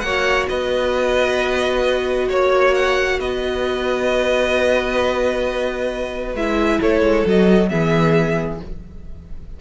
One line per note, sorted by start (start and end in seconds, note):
0.00 0.47 A#3
0.00 6.37 F#4
0.00 0.49 C#5
0.00 0.45 F#5
0.48 2.29 B3
0.48 2.28 B4
0.48 2.29 D#5
2.28 3.19 A#3
2.28 3.18 C#5
2.28 2.75 C#5
2.75 3.19 F#5
3.19 6.34 B3
3.19 6.79 B4
3.19 6.35 D#5
6.34 6.79 G#3
6.34 7.26 E4
6.34 6.81 E5
6.79 7.01 A3
6.79 7.69 A4
6.79 7.26 C#5
7.01 7.24 G#3
7.26 7.70 F#3
7.26 7.69 F#4
7.26 7.69 D#5
7.69 8.60 E3
7.69 8.59 B3
7.69 8.60 G#4
7.69 8.59 E5